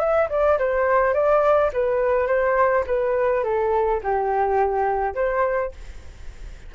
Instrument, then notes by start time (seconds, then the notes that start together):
flute
0.00 E5
0.30 D5
0.59 C5
1.14 D5
1.73 B4
2.28 C5
2.87 B4
3.44 A4
4.04 G4
5.15 C5